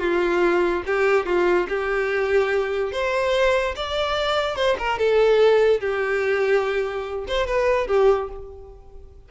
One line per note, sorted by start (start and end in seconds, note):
0.00 0.83 F4
0.86 1.26 G4
1.26 1.67 F4
1.69 2.92 G4
2.92 3.75 C5
3.76 4.56 D5
4.56 4.77 C5
4.79 4.99 A#4
4.99 5.80 A4
5.80 7.25 G4
7.28 7.47 C5
7.47 7.88 B4
7.88 8.29 G4